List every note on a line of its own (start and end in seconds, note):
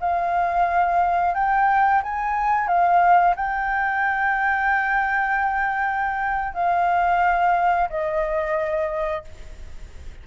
0.00 1.35 F5
1.35 2.02 G5
2.03 2.68 G#5
2.68 3.35 F5
3.36 6.54 G5
6.54 7.89 F5
7.90 9.25 D#5